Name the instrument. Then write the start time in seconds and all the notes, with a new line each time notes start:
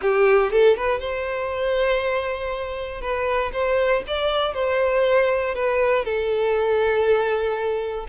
violin
0.01 G4
0.51 A4
0.76 B4
0.99 C5
3.01 B4
3.52 C5
4.07 D5
4.54 C5
5.54 B4
6.04 A4